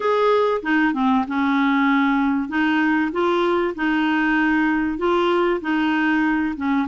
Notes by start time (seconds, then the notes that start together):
0.00 G#4
0.62 D#4
0.93 C4
1.27 C#4
2.48 D#4
3.11 F4
3.75 D#4
4.97 F4
5.61 D#4
6.56 C#4